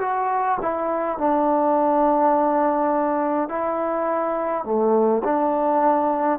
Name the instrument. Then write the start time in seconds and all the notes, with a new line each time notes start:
trombone
0.00 F#4
0.61 E4
1.17 D4
3.49 E4
4.64 A3
5.24 D4